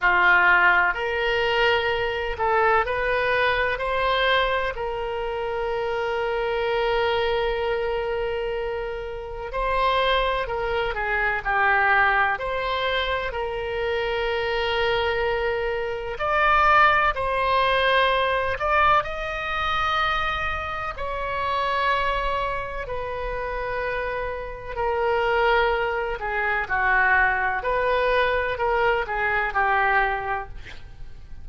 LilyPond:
\new Staff \with { instrumentName = "oboe" } { \time 4/4 \tempo 4 = 63 f'4 ais'4. a'8 b'4 | c''4 ais'2.~ | ais'2 c''4 ais'8 gis'8 | g'4 c''4 ais'2~ |
ais'4 d''4 c''4. d''8 | dis''2 cis''2 | b'2 ais'4. gis'8 | fis'4 b'4 ais'8 gis'8 g'4 | }